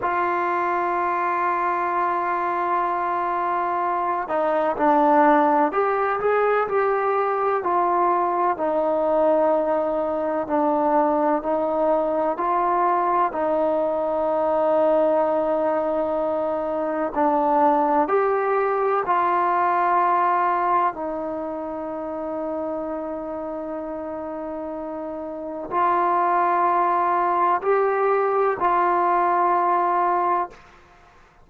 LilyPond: \new Staff \with { instrumentName = "trombone" } { \time 4/4 \tempo 4 = 63 f'1~ | f'8 dis'8 d'4 g'8 gis'8 g'4 | f'4 dis'2 d'4 | dis'4 f'4 dis'2~ |
dis'2 d'4 g'4 | f'2 dis'2~ | dis'2. f'4~ | f'4 g'4 f'2 | }